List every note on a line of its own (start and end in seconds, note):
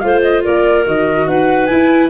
0.00 0.46 A3
0.00 0.84 F4
0.00 0.44 C5
0.00 0.21 F5
0.22 0.43 D#5
0.44 0.87 A#3
0.44 1.27 A#4
0.44 0.86 D5
0.84 1.28 D#3
0.84 1.68 F#4
0.84 1.28 D#5
1.27 1.70 D#4
1.27 2.10 B4
1.27 1.66 F#5
1.66 2.10 E4
1.66 2.08 G#5
1.73 2.10 E4